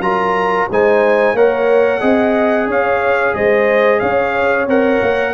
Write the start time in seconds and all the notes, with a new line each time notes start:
0.00 F#3 F4 A#4 A#5
0.70 G#3 D#4 C5 G#5
1.33 A#3 A#4 C#5 F#5
2.00 C4 G#4 D#5
2.67 C#4 C#5 F5
3.35 G#3 C5 D#5
3.99 C#4 C#5 F5
4.67 C4 A#4 F#5
5.02 A#3